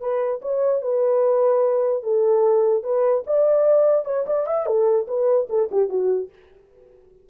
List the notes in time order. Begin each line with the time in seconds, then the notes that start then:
0.00 B4
0.41 C#5
0.82 B4
2.03 A4
2.83 B4
3.27 D5
4.05 C#5
4.26 D5
4.46 E5
4.66 A4
5.07 B4
5.49 A4
5.71 G4
5.89 F#4